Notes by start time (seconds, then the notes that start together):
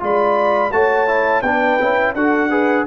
0.00 G#3 F4 D5 B5
0.72 A3 F#4 C#5 A5
1.08 E4
1.43 B3 D4 B4 G5
1.80 C#4 E4
2.15 D4 F#4 A4 F#5
2.50 G#4 B4